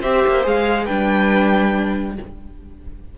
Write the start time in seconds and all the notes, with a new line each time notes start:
0.00 C4 G4 C5 E5
0.27 A#3
0.43 G#3 G#4 F5
0.84 G3 D4 B4 G5